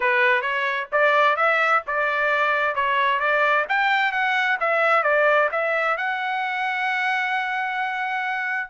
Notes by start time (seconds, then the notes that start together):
0.00 B4
0.41 C#5
0.92 D5
1.36 E5
1.87 D5
2.75 C#5
3.19 D5
3.68 G5
4.12 F#5
4.59 E5
5.03 D5
5.51 E5
5.97 F#5